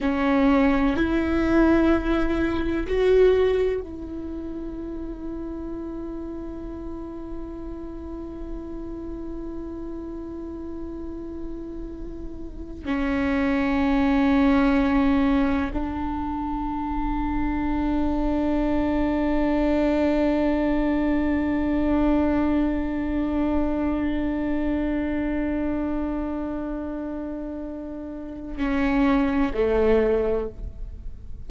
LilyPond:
\new Staff \with { instrumentName = "viola" } { \time 4/4 \tempo 4 = 63 cis'4 e'2 fis'4 | e'1~ | e'1~ | e'4. cis'2~ cis'8~ |
cis'8 d'2.~ d'8~ | d'1~ | d'1~ | d'2 cis'4 a4 | }